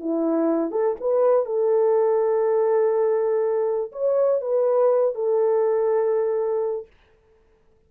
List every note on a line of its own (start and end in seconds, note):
0.00 0.71 E4
0.71 0.96 A4
1.01 1.46 B4
1.46 3.92 A4
3.92 4.41 C#5
4.42 5.15 B4
5.15 6.87 A4